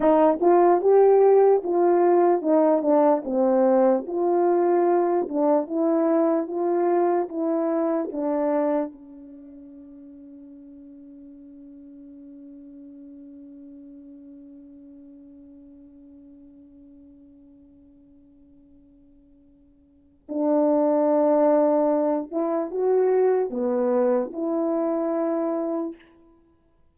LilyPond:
\new Staff \with { instrumentName = "horn" } { \time 4/4 \tempo 4 = 74 dis'8 f'8 g'4 f'4 dis'8 d'8 | c'4 f'4. d'8 e'4 | f'4 e'4 d'4 cis'4~ | cis'1~ |
cis'1~ | cis'1~ | cis'4 d'2~ d'8 e'8 | fis'4 b4 e'2 | }